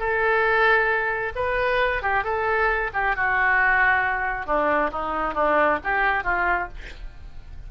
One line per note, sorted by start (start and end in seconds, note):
0.00 1.33 A4
1.36 2.03 B4
2.03 2.24 G4
2.24 2.91 A4
2.94 3.16 G4
3.16 4.47 F#4
4.47 4.91 D4
4.92 5.35 D#4
5.35 5.79 D4
5.84 6.24 G4
6.24 6.69 F4